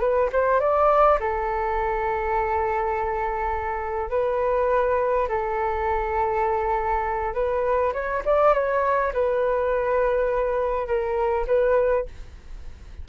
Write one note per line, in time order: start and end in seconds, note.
0.00 0.29 B4
0.32 0.60 C5
0.60 1.19 D5
1.20 4.10 A4
4.10 5.28 B4
5.29 7.34 A4
7.34 7.93 B4
7.93 8.23 C#5
8.25 8.54 D5
8.54 9.13 C#5
9.13 10.87 B4
10.87 11.46 A#4
11.47 12.06 B4